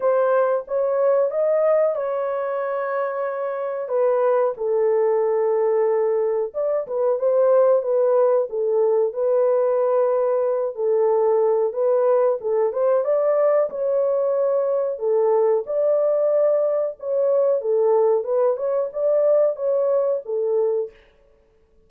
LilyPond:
\new Staff \with { instrumentName = "horn" } { \time 4/4 \tempo 4 = 92 c''4 cis''4 dis''4 cis''4~ | cis''2 b'4 a'4~ | a'2 d''8 b'8 c''4 | b'4 a'4 b'2~ |
b'8 a'4. b'4 a'8 c''8 | d''4 cis''2 a'4 | d''2 cis''4 a'4 | b'8 cis''8 d''4 cis''4 a'4 | }